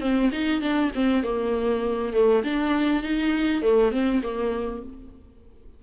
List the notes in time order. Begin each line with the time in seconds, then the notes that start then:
0.00 C4
0.32 D#4
0.61 D4
0.94 C4
1.23 A#3
2.13 A3
2.44 D4
3.03 D#4
3.62 A3
3.91 C4
4.23 A#3